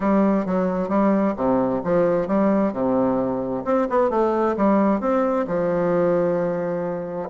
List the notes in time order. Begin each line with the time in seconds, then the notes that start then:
0.00 G3
0.45 F#3
0.88 G3
1.36 C3
1.84 F3
2.27 G3
2.73 C3
3.64 C4
3.89 B3
4.10 A3
4.57 G3
5.00 C4
5.47 F3